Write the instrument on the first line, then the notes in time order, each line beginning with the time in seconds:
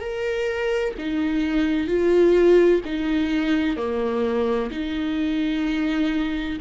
viola
0.00 A#4
0.98 D#4
1.87 F4
2.85 D#4
3.76 A#3
4.71 D#4